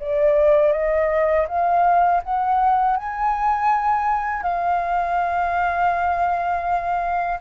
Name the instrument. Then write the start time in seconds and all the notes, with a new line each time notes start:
flute
0.00 D5
0.73 D#5
1.48 F5
2.24 F#5
2.97 G#5
4.43 F5